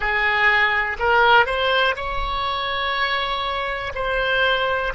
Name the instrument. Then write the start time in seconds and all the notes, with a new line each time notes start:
oboe
0.00 G#4
0.99 A#4
1.45 C5
1.96 C#5
3.94 C5